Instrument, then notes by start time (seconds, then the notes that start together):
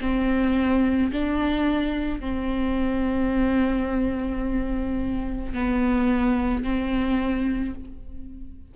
viola
0.00 C4
1.12 D4
2.20 C4
5.54 B3
6.63 C4